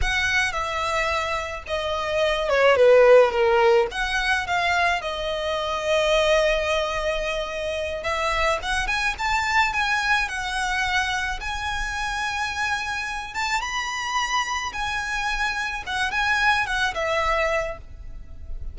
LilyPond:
\new Staff \with { instrumentName = "violin" } { \time 4/4 \tempo 4 = 108 fis''4 e''2 dis''4~ | dis''8 cis''8 b'4 ais'4 fis''4 | f''4 dis''2.~ | dis''2~ dis''8 e''4 fis''8 |
gis''8 a''4 gis''4 fis''4.~ | fis''8 gis''2.~ gis''8 | a''8 b''2 gis''4.~ | gis''8 fis''8 gis''4 fis''8 e''4. | }